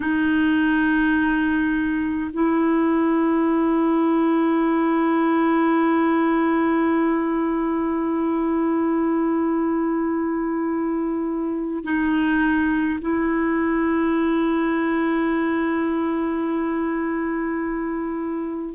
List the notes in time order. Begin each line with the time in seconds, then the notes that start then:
0.00 D#4
2.33 E4
11.83 D#4
13.01 E4